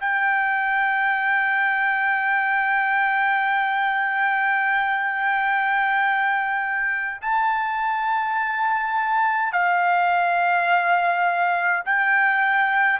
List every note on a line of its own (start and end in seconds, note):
0.00 7.21 G5
7.22 9.52 A5
9.52 11.83 F5
11.85 13.00 G5